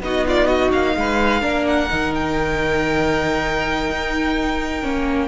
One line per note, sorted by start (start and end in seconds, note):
0.00 0.70 B3
0.00 1.41 D#4
0.00 0.26 F#4
0.00 0.26 D#5
0.26 0.46 F4
0.26 0.47 D5
0.46 0.93 F#4
0.46 0.71 D#5
0.72 0.95 A#3
0.72 1.66 F5
0.96 1.42 G#3
0.96 1.41 B4
1.41 1.89 A#3
1.41 1.88 D4
1.41 5.28 A#4
1.67 2.13 F#5
1.90 3.89 D#3
1.90 4.81 D#4
2.14 5.28 G5
3.89 4.83 D#4
4.81 5.28 A#3
4.81 5.28 C#4